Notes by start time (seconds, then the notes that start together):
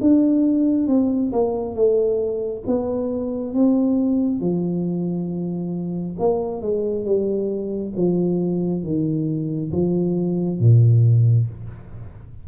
0.00 D4
0.87 C4
1.32 A#3
1.74 A3
2.66 B3
3.53 C4
4.40 F3
6.18 A#3
6.61 G#3
7.05 G3
7.96 F3
8.83 D#3
9.71 F3
10.59 A#2